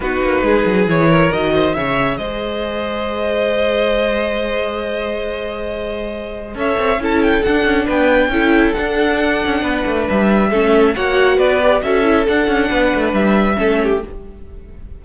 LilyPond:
<<
  \new Staff \with { instrumentName = "violin" } { \time 4/4 \tempo 4 = 137 b'2 cis''4 dis''4 | e''4 dis''2.~ | dis''1~ | dis''2. e''4 |
a''8 g''8 fis''4 g''2 | fis''2. e''4~ | e''4 fis''4 d''4 e''4 | fis''2 e''2 | }
  \new Staff \with { instrumentName = "violin" } { \time 4/4 fis'4 gis'4. ais'4 c''8 | cis''4 c''2.~ | c''1~ | c''2. cis''4 |
a'2 b'4 a'4~ | a'2 b'2 | a'4 cis''4 b'4 a'4~ | a'4 b'2 a'8 g'8 | }
  \new Staff \with { instrumentName = "viola" } { \time 4/4 dis'2 e'4 fis'4 | gis'1~ | gis'1~ | gis'2. a'4 |
e'4 d'2 e'4 | d'1 | cis'4 fis'4. g'8 fis'8 e'8 | d'2. cis'4 | }
  \new Staff \with { instrumentName = "cello" } { \time 4/4 b8 ais8 gis8 fis8 e4 dis4 | cis4 gis2.~ | gis1~ | gis2. cis'8 c'8 |
cis'4 d'8 cis'8 b4 cis'4 | d'4. cis'8 b8 a8 g4 | a4 ais4 b4 cis'4 | d'8 cis'8 b8 a8 g4 a4 | }
>>